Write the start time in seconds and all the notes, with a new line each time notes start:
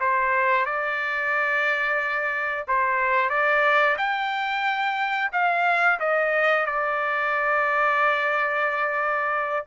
0.00 C5
0.66 D5
2.68 C5
3.30 D5
3.98 G5
5.32 F5
6.00 D#5
6.66 D5